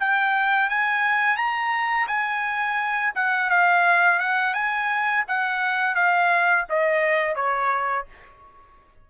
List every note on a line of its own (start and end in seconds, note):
0.00 0.70 G5
0.70 1.37 G#5
1.37 2.08 A#5
2.08 3.13 G#5
3.15 3.50 F#5
3.50 4.20 F5
4.20 4.54 F#5
4.54 5.25 G#5
5.28 5.95 F#5
5.95 6.66 F5
6.70 7.36 D#5
7.36 8.06 C#5